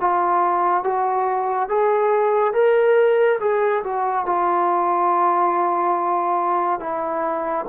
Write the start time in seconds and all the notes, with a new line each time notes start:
0.00 F4
0.84 F#4
1.69 G#4
2.53 A#4
3.40 G#4
3.84 F#4
4.26 F4
6.80 E4